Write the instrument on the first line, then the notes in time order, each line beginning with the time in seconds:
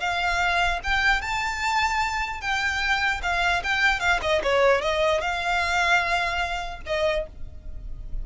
violin
0.00 F5
0.83 G5
1.21 A5
2.41 G5
3.23 F5
3.63 G5
4.00 F5
4.22 D#5
4.43 C#5
4.81 D#5
5.21 F5
6.86 D#5